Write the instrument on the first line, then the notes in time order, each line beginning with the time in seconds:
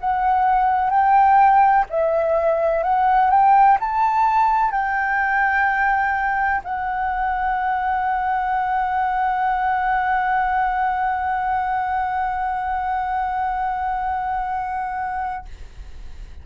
flute
0.00 F#5
0.90 G5
1.89 E5
2.83 F#5
3.30 G5
3.80 A5
4.71 G5
6.64 F#5